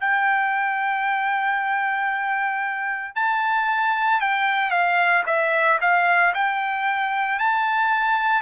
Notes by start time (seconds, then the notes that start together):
0.00 G5
3.15 A5
4.20 G5
4.70 F5
5.26 E5
5.81 F5
6.34 G5
7.39 A5